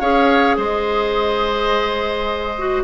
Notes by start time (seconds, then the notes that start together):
0.00 C#4 G#4 C#5 F5
0.57 G#3 C5 D#5
2.58 F#4